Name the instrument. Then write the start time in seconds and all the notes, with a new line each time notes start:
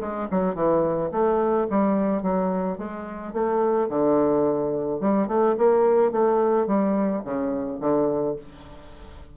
bassoon
0.00 G#3
0.31 F#3
0.55 E3
1.11 A3
1.70 G3
2.22 F#3
2.78 G#3
3.33 A3
3.89 D3
5.00 G3
5.27 A3
5.57 A#3
6.11 A3
6.67 G3
7.24 C#3
7.80 D3